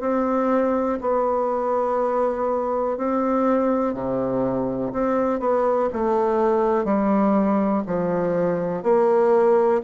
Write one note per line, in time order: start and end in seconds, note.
0.00 0.98 C4
1.01 2.97 B3
2.97 3.94 C4
3.94 4.92 C3
4.93 5.40 C4
5.40 5.89 B3
5.93 6.85 A3
6.85 7.83 G3
7.87 8.83 F3
8.83 9.81 A#3